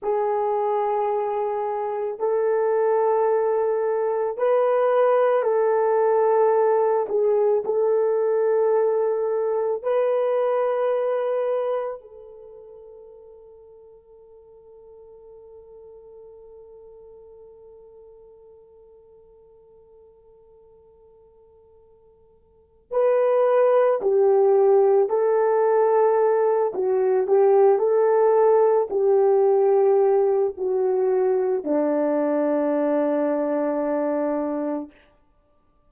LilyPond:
\new Staff \with { instrumentName = "horn" } { \time 4/4 \tempo 4 = 55 gis'2 a'2 | b'4 a'4. gis'8 a'4~ | a'4 b'2 a'4~ | a'1~ |
a'1~ | a'4 b'4 g'4 a'4~ | a'8 fis'8 g'8 a'4 g'4. | fis'4 d'2. | }